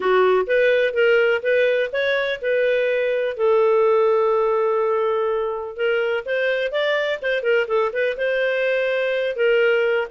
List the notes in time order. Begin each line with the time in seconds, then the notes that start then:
0.00 F#4
0.46 B4
0.93 A#4
1.42 B4
1.92 C#5
2.41 B4
3.36 A4
5.76 A#4
6.25 C5
6.71 D5
7.22 C5
7.42 A#4
7.67 A4
7.92 B4
8.17 C5
9.35 A#4